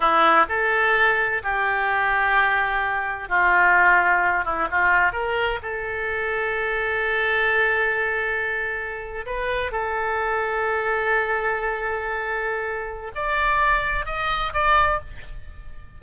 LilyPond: \new Staff \with { instrumentName = "oboe" } { \time 4/4 \tempo 4 = 128 e'4 a'2 g'4~ | g'2. f'4~ | f'4. e'8 f'4 ais'4 | a'1~ |
a'2.~ a'8. b'16~ | b'8. a'2.~ a'16~ | a'1 | d''2 dis''4 d''4 | }